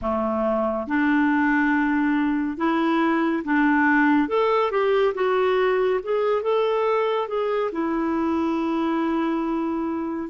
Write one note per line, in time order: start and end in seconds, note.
0.01 0.87 A3
0.87 2.57 D4
2.57 3.43 E4
3.44 4.28 D4
4.28 4.71 A4
4.71 5.14 G4
5.14 6.00 F#4
6.03 6.42 G#4
6.42 7.28 A4
7.28 7.71 G#4
7.72 10.29 E4